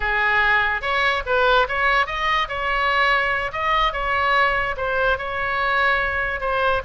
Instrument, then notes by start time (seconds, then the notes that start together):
oboe
0.00 G#4
0.81 C#5
1.25 B4
1.68 C#5
2.06 D#5
2.48 C#5
3.52 D#5
3.93 C#5
4.77 C5
5.18 C#5
6.40 C5